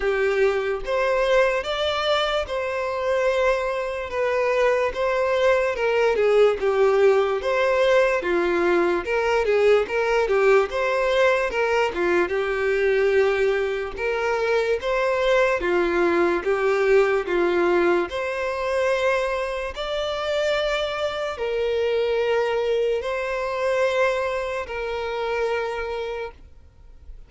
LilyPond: \new Staff \with { instrumentName = "violin" } { \time 4/4 \tempo 4 = 73 g'4 c''4 d''4 c''4~ | c''4 b'4 c''4 ais'8 gis'8 | g'4 c''4 f'4 ais'8 gis'8 | ais'8 g'8 c''4 ais'8 f'8 g'4~ |
g'4 ais'4 c''4 f'4 | g'4 f'4 c''2 | d''2 ais'2 | c''2 ais'2 | }